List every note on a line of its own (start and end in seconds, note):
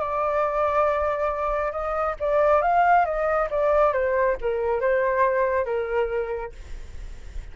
0.00 1.72 D5
1.72 2.15 D#5
2.20 2.62 D5
2.62 3.06 F5
3.06 3.49 D#5
3.51 3.93 D5
3.93 4.37 C5
4.41 4.81 A#4
4.81 5.65 C5
5.65 6.52 A#4